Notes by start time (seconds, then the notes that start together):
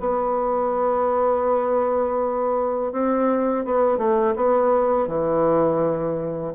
0.00 B3
2.93 C4
3.66 B3
3.98 A3
4.36 B3
5.08 E3